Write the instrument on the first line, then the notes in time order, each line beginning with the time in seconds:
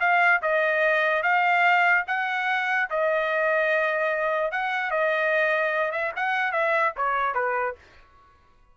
trumpet
0.00 F5
0.42 D#5
1.23 F5
2.07 F#5
2.90 D#5
4.52 F#5
4.91 D#5
5.91 E5
6.16 F#5
6.52 E5
6.96 C#5
7.35 B4